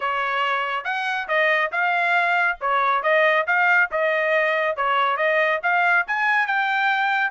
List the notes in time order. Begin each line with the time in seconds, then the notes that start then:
0.00 C#5
0.84 F#5
1.28 D#5
1.71 F5
2.61 C#5
3.03 D#5
3.46 F5
3.91 D#5
4.76 C#5
5.17 D#5
5.62 F5
6.07 G#5
6.46 G5